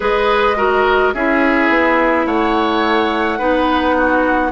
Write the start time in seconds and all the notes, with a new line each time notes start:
0.00 G#3 G#4 B4 D#5
0.56 F#4 A#4
1.13 C#4 E4 G#4 E5
1.69 B3
2.26 A3 C#5 F#5
3.38 B3 D#4 B4
3.97 F#4